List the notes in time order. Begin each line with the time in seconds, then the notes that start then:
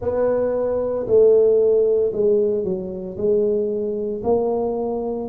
0.01 B3
1.07 A3
2.12 G#3
2.64 F#3
3.17 G#3
4.23 A#3